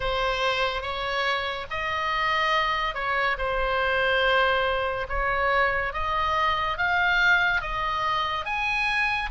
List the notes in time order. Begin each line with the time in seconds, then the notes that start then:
0.00 C5
0.82 C#5
1.70 D#5
2.94 C#5
3.38 C5
5.08 C#5
5.93 D#5
6.77 F5
7.61 D#5
8.45 G#5